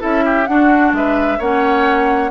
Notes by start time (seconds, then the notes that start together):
0.00 C#4 E4 A4 E5
0.25 G4
0.46 D4 F#4 F#5
0.93 G#3 B4 E5
1.39 A#3 C#4 C#5 F#5